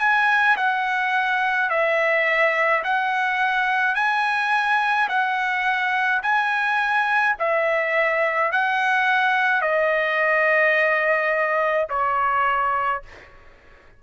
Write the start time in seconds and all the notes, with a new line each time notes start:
0.00 G#5
0.57 F#5
1.70 E5
2.84 F#5
3.95 G#5
5.09 F#5
6.23 G#5
7.39 E5
8.52 F#5
9.62 D#5
11.90 C#5